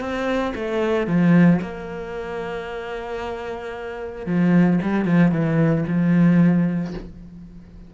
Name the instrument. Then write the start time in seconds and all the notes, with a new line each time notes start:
cello
0.00 C4
0.55 A3
1.07 F3
1.61 A#3
4.26 F3
4.82 G3
5.05 F3
5.31 E3
5.87 F3